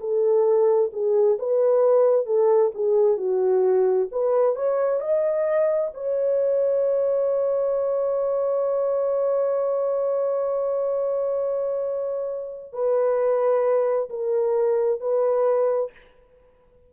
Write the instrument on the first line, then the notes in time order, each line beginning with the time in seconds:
horn
0.00 A4
0.93 G#4
1.39 B4
2.26 A4
2.74 G#4
3.17 F#4
4.12 B4
4.56 C#5
5.00 D#5
5.94 C#5
12.73 B4
14.10 A#4
15.01 B4